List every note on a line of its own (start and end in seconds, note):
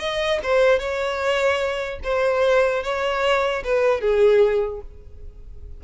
0.00 0.40 D#5
0.44 0.79 C5
0.79 1.99 C#5
2.04 2.84 C5
2.84 3.64 C#5
3.64 4.01 B4
4.01 4.81 G#4